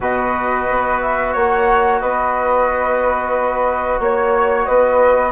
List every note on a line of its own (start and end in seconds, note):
0.00 0.66 B2
0.00 5.31 F#4
0.00 1.32 B4
0.00 1.01 D#5
0.69 1.35 B3
1.01 1.34 E5
1.32 2.01 A#3
1.32 1.99 C#5
1.32 2.00 F#5
2.00 3.99 B3
2.00 4.00 B4
2.00 3.99 D#5
3.99 4.66 A#3
3.99 4.65 C#5
3.99 4.68 C#5
4.65 5.31 B3
4.65 5.31 B4
4.65 5.31 D#5